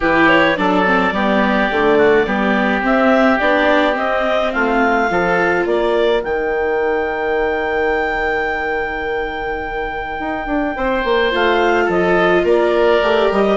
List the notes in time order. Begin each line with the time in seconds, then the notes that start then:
0.00 E3 E4 G4 B4
0.28 C#5
0.56 F#3 D4 A4 D5
0.85 C4
1.12 G3 B3 G4
1.71 D3 A3
1.97 F#4
2.26 G3 B3 G4
2.81 C4 E5
3.39 B3 D4 D5
3.93 C4 D#5
4.52 A3 F4 F5
5.09 F3 F4 A4
5.65 A#3 A#4 D5
6.22 D#3 D#4 G5
10.19 D#4
10.46 D4
10.76 C4 C5
11.04 A#3
11.31 A3 F4 F5
11.85 F3 A4 D#5
12.43 A#3 A#4 D5
13.01 A3 G4
13.31 G3 D#5